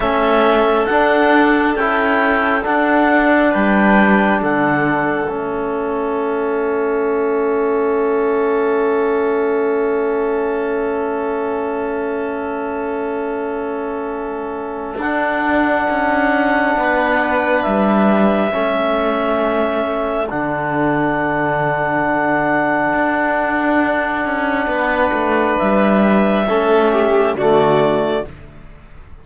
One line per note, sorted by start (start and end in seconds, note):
0.00 0.85 A3
0.00 0.89 C#4
0.00 3.50 A4
0.00 0.85 E5
0.85 1.75 D4
0.85 1.78 D4
0.85 1.74 F#5
1.75 2.64 C#4
1.75 2.62 E4
1.75 2.64 G5
2.62 5.26 D4
2.62 3.53 D4
2.62 3.53 F#5
3.50 4.42 G3
3.50 4.39 B4
3.50 4.41 G5
4.41 5.28 D3
4.41 16.76 A4
4.41 5.30 F#5
5.28 14.98 A3
5.28 14.99 C#4
5.28 15.01 E5
14.98 15.86 D4
14.98 18.51 D4
14.98 17.62 F#5
15.90 16.76 C#4
16.76 17.65 B3
16.76 18.54 B4
17.62 18.53 G3
17.62 20.27 E5
18.51 20.31 A3
18.51 20.27 C#4
18.51 24.68 A4
20.29 22.93 D3
20.29 26.47 D4
20.29 25.58 F#5
22.93 24.25 D4
24.25 24.66 C#4
24.66 25.10 B3
24.66 26.45 B4
25.12 25.56 A3
25.58 26.49 G3
25.58 27.35 E5
26.48 27.35 A3
26.48 27.37 C#4
26.48 26.92 A4
26.92 27.36 G4
27.35 28.23 D3
27.35 28.25 A3
27.35 28.25 F#4
27.35 28.25 D5